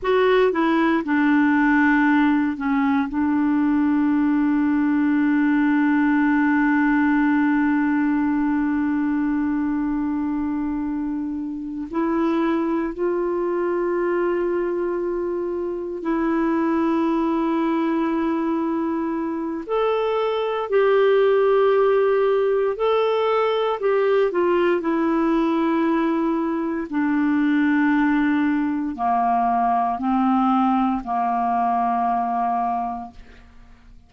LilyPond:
\new Staff \with { instrumentName = "clarinet" } { \time 4/4 \tempo 4 = 58 fis'8 e'8 d'4. cis'8 d'4~ | d'1~ | d'2.~ d'8 e'8~ | e'8 f'2. e'8~ |
e'2. a'4 | g'2 a'4 g'8 f'8 | e'2 d'2 | ais4 c'4 ais2 | }